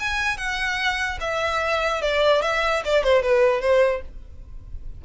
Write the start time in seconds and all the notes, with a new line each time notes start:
0.00 G#5
0.38 F#5
1.21 E5
2.02 D5
2.42 E5
2.85 D5
3.04 C5
3.23 B4
3.61 C5